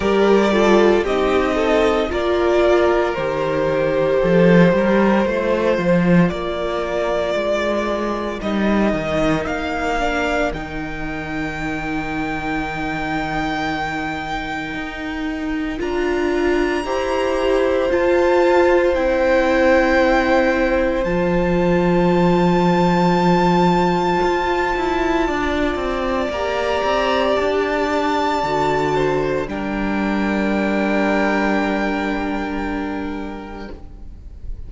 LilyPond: <<
  \new Staff \with { instrumentName = "violin" } { \time 4/4 \tempo 4 = 57 d''4 dis''4 d''4 c''4~ | c''2 d''2 | dis''4 f''4 g''2~ | g''2. ais''4~ |
ais''4 a''4 g''2 | a''1~ | a''4 ais''4 a''2 | g''1 | }
  \new Staff \with { instrumentName = "violin" } { \time 4/4 ais'8 a'8 g'8 a'8 ais'2 | a'8 ais'8 c''4 ais'2~ | ais'1~ | ais'1 |
c''1~ | c''1 | d''2.~ d''8 c''8 | ais'1 | }
  \new Staff \with { instrumentName = "viola" } { \time 4/4 g'8 f'8 dis'4 f'4 g'4~ | g'4 f'2. | dis'4. d'8 dis'2~ | dis'2. f'4 |
g'4 f'4 e'2 | f'1~ | f'4 g'2 fis'4 | d'1 | }
  \new Staff \with { instrumentName = "cello" } { \time 4/4 g4 c'4 ais4 dis4 | f8 g8 a8 f8 ais4 gis4 | g8 dis8 ais4 dis2~ | dis2 dis'4 d'4 |
e'4 f'4 c'2 | f2. f'8 e'8 | d'8 c'8 ais8 c'8 d'4 d4 | g1 | }
>>